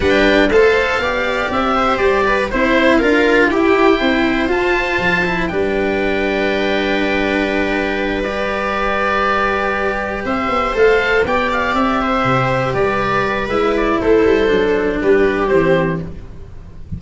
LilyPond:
<<
  \new Staff \with { instrumentName = "oboe" } { \time 4/4 \tempo 4 = 120 g''4 f''2 e''4 | d''4 c''4 f''4 g''4~ | g''4 a''2 g''4~ | g''1~ |
g''8 d''2.~ d''8~ | d''8 e''4 f''4 g''8 f''8 e''8~ | e''4. d''4. e''8 d''8 | c''2 b'4 c''4 | }
  \new Staff \with { instrumentName = "viola" } { \time 4/4 b'4 c''4 d''4. c''8~ | c''8 b'8 c''4 ais'4 g'4 | c''2. b'4~ | b'1~ |
b'1~ | b'8 c''2 d''4. | c''4. b'2~ b'8 | a'2 g'2 | }
  \new Staff \with { instrumentName = "cello" } { \time 4/4 d'4 a'4 g'2~ | g'4 e'4 f'4 e'4~ | e'4 f'4. e'8 d'4~ | d'1~ |
d'8 g'2.~ g'8~ | g'4. a'4 g'4.~ | g'2. e'4~ | e'4 d'2 c'4 | }
  \new Staff \with { instrumentName = "tuba" } { \time 4/4 g4 a4 b4 c'4 | g4 c'4 d'4 e'4 | c'4 f'4 f4 g4~ | g1~ |
g1~ | g8 c'8 b8 a4 b4 c'8~ | c'8 c4 g4. gis4 | a8 g8 fis4 g4 e4 | }
>>